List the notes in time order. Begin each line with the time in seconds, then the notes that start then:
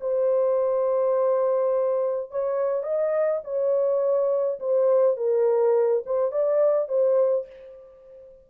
0.00 C5
2.31 C#5
2.83 D#5
3.44 C#5
4.59 C5
5.17 A#4
6.06 C5
6.31 D5
6.88 C5